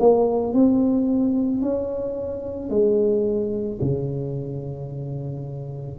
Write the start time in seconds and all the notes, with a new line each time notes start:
0.00 A#3
0.53 C4
1.62 C#4
2.70 G#3
3.81 C#3